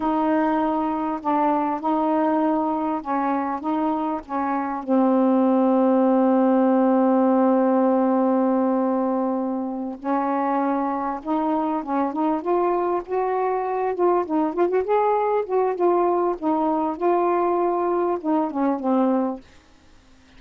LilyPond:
\new Staff \with { instrumentName = "saxophone" } { \time 4/4 \tempo 4 = 99 dis'2 d'4 dis'4~ | dis'4 cis'4 dis'4 cis'4 | c'1~ | c'1~ |
c'8 cis'2 dis'4 cis'8 | dis'8 f'4 fis'4. f'8 dis'8 | f'16 fis'16 gis'4 fis'8 f'4 dis'4 | f'2 dis'8 cis'8 c'4 | }